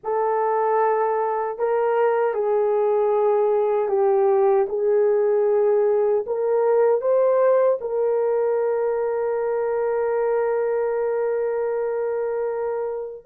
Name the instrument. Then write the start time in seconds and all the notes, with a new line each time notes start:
horn
0.03 A4
1.58 A#4
2.34 G#4
3.88 G4
4.69 G#4
6.26 A#4
7.01 C5
7.80 A#4